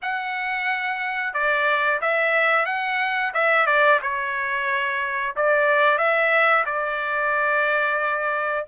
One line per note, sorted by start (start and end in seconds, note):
0.02 1.33 F#5
1.33 2.00 D5
2.01 2.65 E5
2.65 3.32 F#5
3.34 3.66 E5
3.66 3.99 D5
4.02 5.35 C#5
5.35 5.98 D5
5.98 6.64 E5
6.65 8.65 D5